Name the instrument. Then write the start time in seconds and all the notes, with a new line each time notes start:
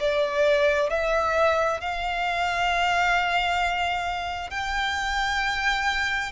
violin
0.00 D5
0.90 E5
1.81 F5
4.50 G5